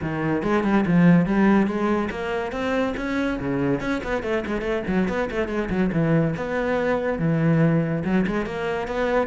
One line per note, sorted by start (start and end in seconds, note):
0.02 0.42 D#3
0.42 0.63 G#3
0.63 0.85 G3
0.86 1.26 F3
1.26 1.66 G3
1.66 2.09 G#3
2.10 2.51 A#3
2.51 2.94 C4
2.96 3.39 C#4
3.39 3.80 C#3
3.80 4.01 C#4
4.03 4.23 B3
4.23 4.44 A3
4.46 4.61 G#3
4.61 4.82 A3
4.87 5.08 F#3
5.08 5.29 B3
5.30 5.48 A3
5.48 5.69 G#3
5.69 5.91 F#3
5.92 6.34 E3
6.36 7.19 B3
7.19 8.03 E3
8.04 8.25 F#3
8.26 8.45 G#3
8.45 8.87 A#3
8.87 9.27 B3